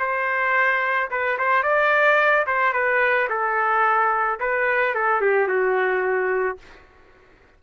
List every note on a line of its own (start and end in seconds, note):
0.00 1.10 C5
1.11 1.38 B4
1.39 1.63 C5
1.63 2.46 D5
2.47 2.73 C5
2.73 3.29 B4
3.30 4.40 A4
4.40 4.95 B4
4.95 5.21 A4
5.21 5.48 G4
5.48 6.58 F#4